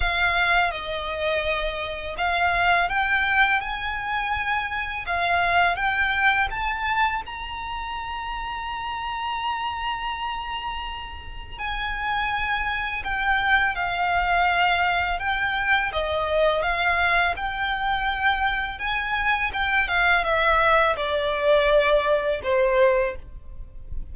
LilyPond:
\new Staff \with { instrumentName = "violin" } { \time 4/4 \tempo 4 = 83 f''4 dis''2 f''4 | g''4 gis''2 f''4 | g''4 a''4 ais''2~ | ais''1 |
gis''2 g''4 f''4~ | f''4 g''4 dis''4 f''4 | g''2 gis''4 g''8 f''8 | e''4 d''2 c''4 | }